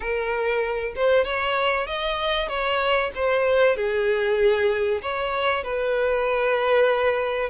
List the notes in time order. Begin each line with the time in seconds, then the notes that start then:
0.00 A#4
0.95 C5
1.24 C#5
1.86 D#5
2.48 C#5
3.15 C5
3.76 G#4
5.02 C#5
5.63 B4